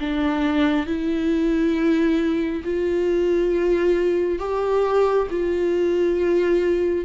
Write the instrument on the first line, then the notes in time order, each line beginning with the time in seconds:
viola
0.00 D4
0.87 E4
2.65 F4
4.39 G4
5.31 F4